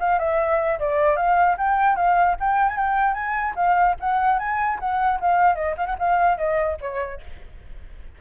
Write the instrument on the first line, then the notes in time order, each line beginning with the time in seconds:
flute
0.00 F5
0.19 E5
0.80 D5
1.17 F5
1.58 G5
1.97 F5
2.40 G5
2.69 G#5
2.77 G5
3.14 G#5
3.56 F5
4.00 F#5
4.39 G#5
4.80 F#5
5.21 F5
5.55 D#5
5.77 F5
5.87 F#5
5.99 F5
6.38 D#5
6.81 C#5